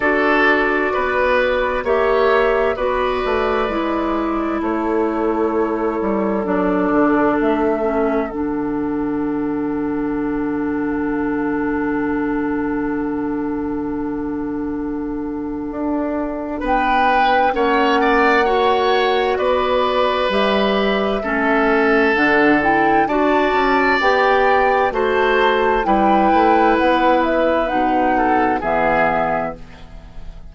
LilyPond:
<<
  \new Staff \with { instrumentName = "flute" } { \time 4/4 \tempo 4 = 65 d''2 e''4 d''4~ | d''4 cis''2 d''4 | e''4 fis''2.~ | fis''1~ |
fis''2 g''4 fis''4~ | fis''4 d''4 e''2 | fis''8 g''8 a''4 g''4 a''4 | g''4 fis''8 e''8 fis''4 e''4 | }
  \new Staff \with { instrumentName = "oboe" } { \time 4/4 a'4 b'4 cis''4 b'4~ | b'4 a'2.~ | a'1~ | a'1~ |
a'2 b'4 cis''8 d''8 | cis''4 b'2 a'4~ | a'4 d''2 c''4 | b'2~ b'8 a'8 gis'4 | }
  \new Staff \with { instrumentName = "clarinet" } { \time 4/4 fis'2 g'4 fis'4 | e'2. d'4~ | d'8 cis'8 d'2.~ | d'1~ |
d'2. cis'4 | fis'2 g'4 cis'4 | d'8 e'8 fis'4 g'4 fis'4 | e'2 dis'4 b4 | }
  \new Staff \with { instrumentName = "bassoon" } { \time 4/4 d'4 b4 ais4 b8 a8 | gis4 a4. g8 fis8 d8 | a4 d2.~ | d1~ |
d4 d'4 b4 ais4~ | ais4 b4 g4 a4 | d4 d'8 cis'8 b4 a4 | g8 a8 b4 b,4 e4 | }
>>